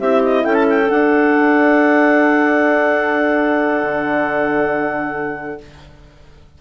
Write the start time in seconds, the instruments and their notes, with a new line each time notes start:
0.00 bassoon C4, horn E4, clarinet G4 E5
0.24 clarinet D#5
0.44 bassoon C#4, clarinet A4 G5
0.54 clarinet A5
0.70 clarinet G5
0.85 horn D4, clarinet F#5
0.92 bassoon D4
3.83 bassoon D3